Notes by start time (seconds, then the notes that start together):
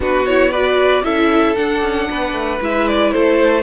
0.00 B3 D4 F#4 B4
0.26 E4 C#5
0.51 F#4 B4 D5
1.02 C#4 E4 A4 E5
1.55 D4 F#5
1.82 C#4
2.10 B3 B4
2.32 A3
2.60 G#3 E4 E5
2.87 D5
3.11 A3 A4 C5